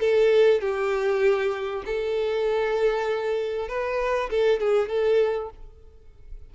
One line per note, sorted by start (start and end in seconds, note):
0.00 0.60 A4
0.60 1.83 G4
1.85 3.68 A4
3.68 4.29 B4
4.30 4.59 A4
4.59 4.89 G#4
4.89 5.50 A4